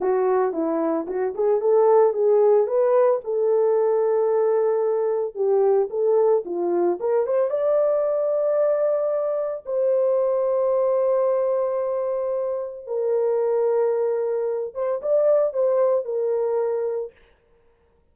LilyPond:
\new Staff \with { instrumentName = "horn" } { \time 4/4 \tempo 4 = 112 fis'4 e'4 fis'8 gis'8 a'4 | gis'4 b'4 a'2~ | a'2 g'4 a'4 | f'4 ais'8 c''8 d''2~ |
d''2 c''2~ | c''1 | ais'2.~ ais'8 c''8 | d''4 c''4 ais'2 | }